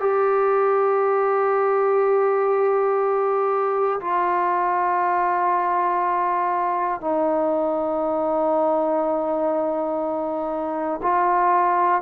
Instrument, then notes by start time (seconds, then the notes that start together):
trombone
0.00 G4
4.01 F4
7.01 D#4
11.03 F4